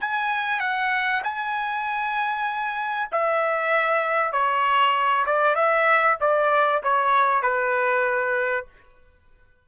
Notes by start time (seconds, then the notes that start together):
0.00 G#5
0.60 F#5
1.23 G#5
3.11 E5
4.32 C#5
5.25 D5
5.55 E5
6.20 D5
6.83 C#5
7.42 B4